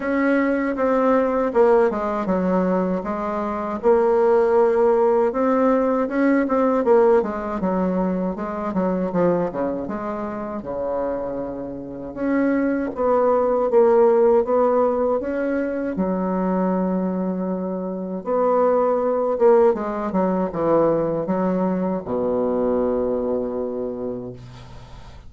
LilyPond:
\new Staff \with { instrumentName = "bassoon" } { \time 4/4 \tempo 4 = 79 cis'4 c'4 ais8 gis8 fis4 | gis4 ais2 c'4 | cis'8 c'8 ais8 gis8 fis4 gis8 fis8 | f8 cis8 gis4 cis2 |
cis'4 b4 ais4 b4 | cis'4 fis2. | b4. ais8 gis8 fis8 e4 | fis4 b,2. | }